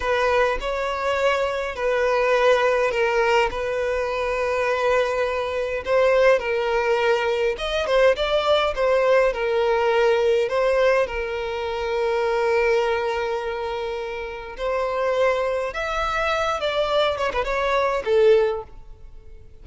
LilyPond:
\new Staff \with { instrumentName = "violin" } { \time 4/4 \tempo 4 = 103 b'4 cis''2 b'4~ | b'4 ais'4 b'2~ | b'2 c''4 ais'4~ | ais'4 dis''8 c''8 d''4 c''4 |
ais'2 c''4 ais'4~ | ais'1~ | ais'4 c''2 e''4~ | e''8 d''4 cis''16 b'16 cis''4 a'4 | }